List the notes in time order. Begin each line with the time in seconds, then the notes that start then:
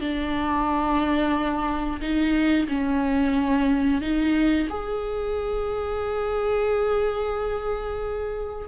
0.00 D4
2.00 D#4
2.68 C#4
4.01 D#4
4.69 G#4